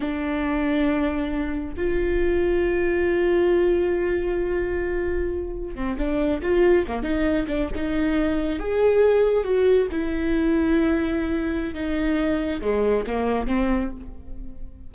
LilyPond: \new Staff \with { instrumentName = "viola" } { \time 4/4 \tempo 4 = 138 d'1 | f'1~ | f'1~ | f'4~ f'16 c'8 d'4 f'4 ais16~ |
ais16 dis'4 d'8 dis'2 gis'16~ | gis'4.~ gis'16 fis'4 e'4~ e'16~ | e'2. dis'4~ | dis'4 gis4 ais4 c'4 | }